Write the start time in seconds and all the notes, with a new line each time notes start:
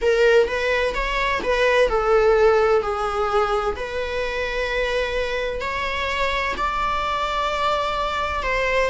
0.01 A#4
0.47 B4
0.94 C#5
1.43 B4
1.88 A4
2.82 G#4
3.75 B4
5.61 C#5
6.57 D5
8.43 C5